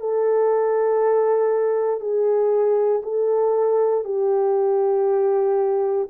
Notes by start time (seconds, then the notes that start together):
0.00 A4
2.00 G#4
3.02 A4
4.04 G4